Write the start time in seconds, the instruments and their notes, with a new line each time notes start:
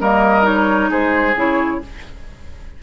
0.00 bassoon G3, clarinet A#3, oboe A#4, flute D#5
0.42 clarinet D#4, flute C#5
0.90 bassoon G#3, oboe G#4, flute C5
1.34 bassoon C#3, clarinet E4, flute C#5